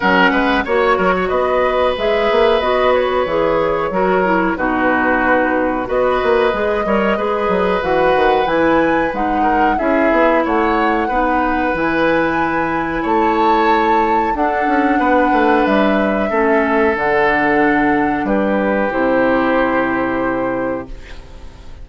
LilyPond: <<
  \new Staff \with { instrumentName = "flute" } { \time 4/4 \tempo 4 = 92 fis''4 cis''4 dis''4 e''4 | dis''8 cis''2~ cis''8 b'4~ | b'4 dis''2. | fis''4 gis''4 fis''4 e''4 |
fis''2 gis''2 | a''2 fis''2 | e''2 fis''2 | b'4 c''2. | }
  \new Staff \with { instrumentName = "oboe" } { \time 4/4 ais'8 b'8 cis''8 ais'16 cis''16 b'2~ | b'2 ais'4 fis'4~ | fis'4 b'4. cis''8 b'4~ | b'2~ b'8 ais'8 gis'4 |
cis''4 b'2. | cis''2 a'4 b'4~ | b'4 a'2. | g'1 | }
  \new Staff \with { instrumentName = "clarinet" } { \time 4/4 cis'4 fis'2 gis'4 | fis'4 gis'4 fis'8 e'8 dis'4~ | dis'4 fis'4 gis'8 ais'8 gis'4 | fis'4 e'4 dis'4 e'4~ |
e'4 dis'4 e'2~ | e'2 d'2~ | d'4 cis'4 d'2~ | d'4 e'2. | }
  \new Staff \with { instrumentName = "bassoon" } { \time 4/4 fis8 gis8 ais8 fis8 b4 gis8 ais8 | b4 e4 fis4 b,4~ | b,4 b8 ais8 gis8 g8 gis8 fis8 | e8 dis8 e4 gis4 cis'8 b8 |
a4 b4 e2 | a2 d'8 cis'8 b8 a8 | g4 a4 d2 | g4 c2. | }
>>